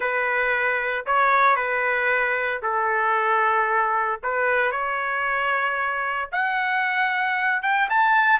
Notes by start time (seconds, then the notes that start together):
0.00 B4
1.06 C#5
1.56 B4
2.62 A4
4.23 B4
4.71 C#5
6.32 F#5
7.62 G5
7.89 A5